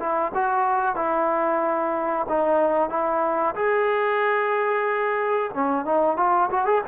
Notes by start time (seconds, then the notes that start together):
0.00 E4
0.35 F#4
0.96 E4
2.29 D#4
2.90 E4
3.55 G#4
5.55 C#4
5.85 D#4
6.17 F4
6.51 F#4
6.66 G#4